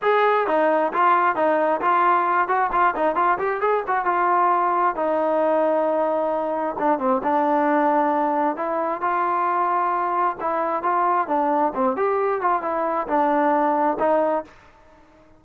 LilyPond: \new Staff \with { instrumentName = "trombone" } { \time 4/4 \tempo 4 = 133 gis'4 dis'4 f'4 dis'4 | f'4. fis'8 f'8 dis'8 f'8 g'8 | gis'8 fis'8 f'2 dis'4~ | dis'2. d'8 c'8 |
d'2. e'4 | f'2. e'4 | f'4 d'4 c'8 g'4 f'8 | e'4 d'2 dis'4 | }